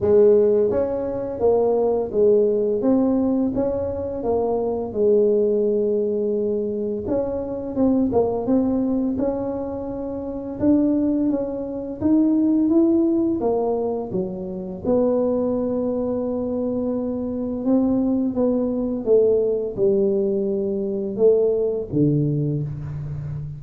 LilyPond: \new Staff \with { instrumentName = "tuba" } { \time 4/4 \tempo 4 = 85 gis4 cis'4 ais4 gis4 | c'4 cis'4 ais4 gis4~ | gis2 cis'4 c'8 ais8 | c'4 cis'2 d'4 |
cis'4 dis'4 e'4 ais4 | fis4 b2.~ | b4 c'4 b4 a4 | g2 a4 d4 | }